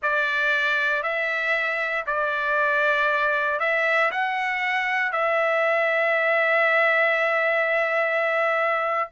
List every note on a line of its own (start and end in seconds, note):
0.02 1.02 D5
1.02 2.05 E5
2.06 3.59 D5
3.59 4.10 E5
4.11 5.12 F#5
5.12 9.09 E5